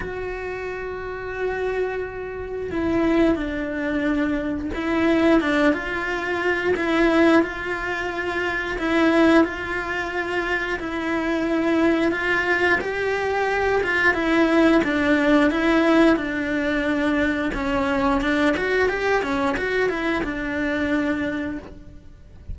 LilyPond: \new Staff \with { instrumentName = "cello" } { \time 4/4 \tempo 4 = 89 fis'1 | e'4 d'2 e'4 | d'8 f'4. e'4 f'4~ | f'4 e'4 f'2 |
e'2 f'4 g'4~ | g'8 f'8 e'4 d'4 e'4 | d'2 cis'4 d'8 fis'8 | g'8 cis'8 fis'8 e'8 d'2 | }